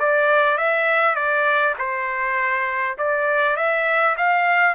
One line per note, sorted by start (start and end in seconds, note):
0.00 0.58 D5
0.58 1.16 E5
1.16 1.75 D5
1.79 2.98 C5
2.98 3.57 D5
3.57 4.16 E5
4.18 4.75 F5